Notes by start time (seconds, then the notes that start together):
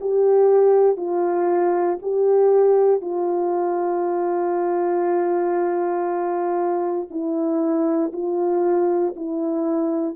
0.00 G4
0.97 F4
2.02 G4
3.01 F4
7.10 E4
8.12 F4
9.16 E4